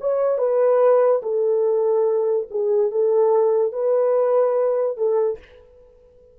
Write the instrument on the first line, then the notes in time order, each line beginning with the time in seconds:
horn
0.00 C#5
0.38 B4
1.22 A4
2.50 G#4
2.91 A4
3.72 B4
4.97 A4